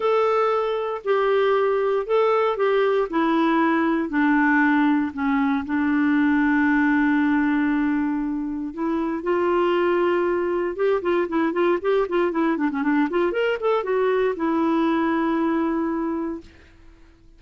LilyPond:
\new Staff \with { instrumentName = "clarinet" } { \time 4/4 \tempo 4 = 117 a'2 g'2 | a'4 g'4 e'2 | d'2 cis'4 d'4~ | d'1~ |
d'4 e'4 f'2~ | f'4 g'8 f'8 e'8 f'8 g'8 f'8 | e'8 d'16 cis'16 d'8 f'8 ais'8 a'8 fis'4 | e'1 | }